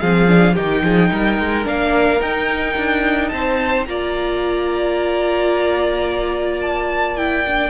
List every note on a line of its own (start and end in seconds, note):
0.00 0.57 F3
0.00 0.28 C4
0.00 0.55 G#4
0.00 0.55 F5
0.28 0.56 D4
0.55 0.83 D#3
0.55 1.64 D#4
0.55 0.82 G4
0.55 1.67 G5
0.83 1.10 F3
0.83 1.11 G#4
1.11 1.39 G3
1.11 3.31 A#4
1.39 1.66 G#3
1.64 2.21 A#3
1.64 2.19 D4
1.64 2.21 F5
2.20 3.86 D#4
2.20 2.76 D#4
2.20 3.29 G5
2.77 3.32 D4
3.29 3.87 C4
3.29 3.88 C5
3.29 3.84 A5
3.86 7.70 A#3
3.86 7.18 F4
3.86 7.70 D5
3.86 6.61 A#5
6.62 7.17 A5
7.17 7.45 E4
7.17 7.70 G5
7.47 7.70 D4